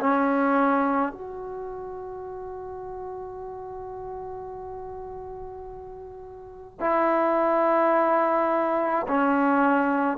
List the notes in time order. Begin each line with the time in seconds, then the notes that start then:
0.00 C#4
1.12 F#4
6.80 E4
9.08 C#4